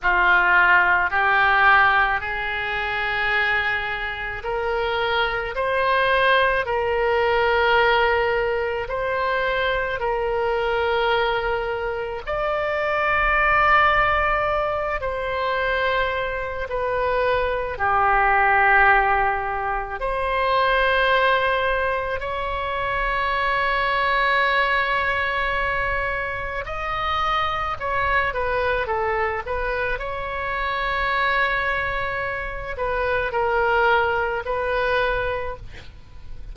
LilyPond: \new Staff \with { instrumentName = "oboe" } { \time 4/4 \tempo 4 = 54 f'4 g'4 gis'2 | ais'4 c''4 ais'2 | c''4 ais'2 d''4~ | d''4. c''4. b'4 |
g'2 c''2 | cis''1 | dis''4 cis''8 b'8 a'8 b'8 cis''4~ | cis''4. b'8 ais'4 b'4 | }